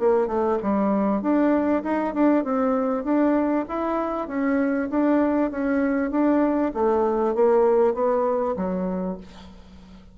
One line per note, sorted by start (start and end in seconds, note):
0.00 0.28 A#3
0.28 0.58 A3
0.63 1.22 G3
1.22 1.83 D4
1.84 2.14 D#4
2.14 2.44 D4
2.44 3.04 C4
3.04 3.66 D4
3.69 4.28 E4
4.28 4.90 C#4
4.91 5.52 D4
5.52 6.11 C#4
6.11 6.73 D4
6.74 7.35 A3
7.35 7.95 A#3
7.95 8.56 B3
8.57 9.18 F#3